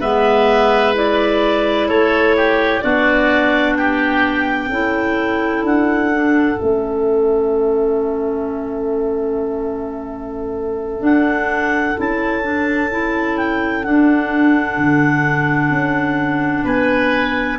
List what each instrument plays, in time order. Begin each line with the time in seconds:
0.00 tuba G#3, clarinet B3 E5, oboe B4
0.95 clarinet E4 D5
1.88 tuba A3, oboe A4, clarinet C#5
2.37 oboe G4
2.81 tuba B3, clarinet D4 D5, oboe F#4
3.77 oboe G4, clarinet G5
4.69 tuba C#4, clarinet E4, oboe A4
5.63 tuba D4, clarinet F#5
6.12 clarinet D4
6.58 tuba A3, clarinet C#4 E5
11.01 clarinet D4 F#5, tuba D4
11.97 tuba C#4, clarinet E4 A5
12.43 clarinet D4
12.91 clarinet E4
13.38 clarinet G5
13.84 clarinet D4 F#5, tuba D4
14.78 tuba D3
15.71 tuba C#4
16.65 tuba B3, oboe B4, clarinet G#5